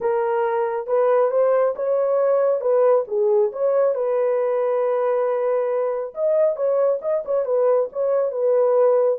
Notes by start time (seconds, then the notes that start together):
0.01 A#4
0.87 B4
1.30 C5
1.75 C#5
2.60 B4
3.07 G#4
3.52 C#5
3.94 B4
6.14 D#5
6.56 C#5
7.01 D#5
7.25 C#5
7.45 B4
7.92 C#5
8.31 B4